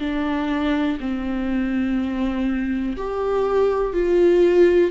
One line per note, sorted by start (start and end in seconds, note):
0.00 0.98 D4
1.00 2.97 C4
2.97 3.93 G4
3.93 4.91 F4